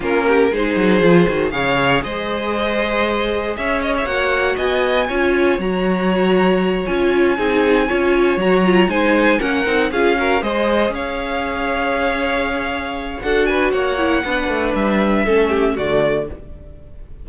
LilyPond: <<
  \new Staff \with { instrumentName = "violin" } { \time 4/4 \tempo 4 = 118 ais'4 c''2 f''4 | dis''2. e''8 dis''16 e''16 | fis''4 gis''2 ais''4~ | ais''4. gis''2~ gis''8~ |
gis''8 ais''4 gis''4 fis''4 f''8~ | f''8 dis''4 f''2~ f''8~ | f''2 fis''8 gis''8 fis''4~ | fis''4 e''2 d''4 | }
  \new Staff \with { instrumentName = "violin" } { \time 4/4 f'8 g'8 gis'2 cis''4 | c''2. cis''4~ | cis''4 dis''4 cis''2~ | cis''2~ cis''8 gis'4 cis''8~ |
cis''4. c''4 ais'4 gis'8 | ais'8 c''4 cis''2~ cis''8~ | cis''2 a'8 b'8 cis''4 | b'2 a'8 g'8 fis'4 | }
  \new Staff \with { instrumentName = "viola" } { \time 4/4 cis'4 dis'4 f'8 fis'8 gis'4~ | gis'1 | fis'2 f'4 fis'4~ | fis'4. f'4 dis'4 f'8~ |
f'8 fis'8 f'8 dis'4 cis'8 dis'8 f'8 | fis'8 gis'2.~ gis'8~ | gis'2 fis'4. e'8 | d'2 cis'4 a4 | }
  \new Staff \with { instrumentName = "cello" } { \time 4/4 ais4 gis8 fis8 f8 dis8 cis4 | gis2. cis'4 | ais4 b4 cis'4 fis4~ | fis4. cis'4 c'4 cis'8~ |
cis'8 fis4 gis4 ais8 c'8 cis'8~ | cis'8 gis4 cis'2~ cis'8~ | cis'2 d'4 ais4 | b8 a8 g4 a4 d4 | }
>>